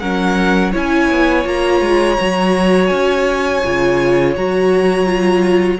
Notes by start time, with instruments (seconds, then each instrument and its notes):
0.00 cello F#3, viola C#4, violin A#4 F#5
0.72 cello C#4, viola E4, violin C#5 G#5
1.11 cello B3
1.44 cello A#3, viola F4, violin A#5
1.81 cello G#3
2.19 cello F#3, viola F#4
2.86 cello C#4, violin G#5
3.64 cello C#3, viola F4
4.36 cello F#3, viola F#4, violin A#5
5.06 viola F4